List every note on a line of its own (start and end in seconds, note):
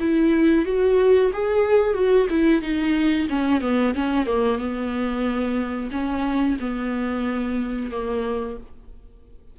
0.00 0.66 E4
0.66 1.32 F#4
1.33 1.94 G#4
1.94 2.27 F#4
2.30 2.62 E4
2.62 3.28 D#4
3.29 3.61 C#4
3.61 3.94 B3
3.94 4.26 C#4
4.26 4.58 A#3
4.58 5.90 B3
5.92 6.58 C#4
6.60 7.91 B3
7.91 8.57 A#3